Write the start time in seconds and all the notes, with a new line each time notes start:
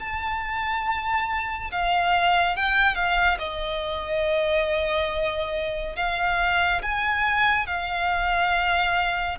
0.00 A5
1.72 F5
2.57 G5
2.95 F5
3.39 D#5
5.96 F5
6.83 G#5
7.67 F5